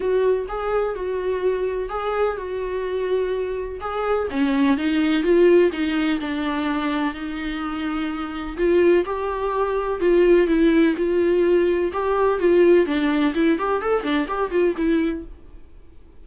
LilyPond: \new Staff \with { instrumentName = "viola" } { \time 4/4 \tempo 4 = 126 fis'4 gis'4 fis'2 | gis'4 fis'2. | gis'4 cis'4 dis'4 f'4 | dis'4 d'2 dis'4~ |
dis'2 f'4 g'4~ | g'4 f'4 e'4 f'4~ | f'4 g'4 f'4 d'4 | e'8 g'8 a'8 d'8 g'8 f'8 e'4 | }